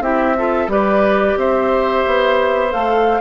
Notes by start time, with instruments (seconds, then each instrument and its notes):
0.00 bassoon C4, clarinet E4, oboe G4, flute E5
0.38 clarinet F4, oboe A4
0.68 bassoon G3, clarinet G4, oboe B4, flute D5
1.37 bassoon C4, oboe C5, flute E5
2.06 bassoon B3
2.70 bassoon A3, clarinet A4, flute F5